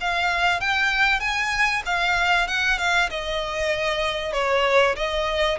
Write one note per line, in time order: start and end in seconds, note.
0.00 0.60 F5
0.60 1.20 G5
1.20 1.82 G#5
1.85 2.47 F5
2.47 2.78 F#5
2.78 3.09 F5
3.10 4.33 D#5
4.33 4.95 C#5
4.95 5.58 D#5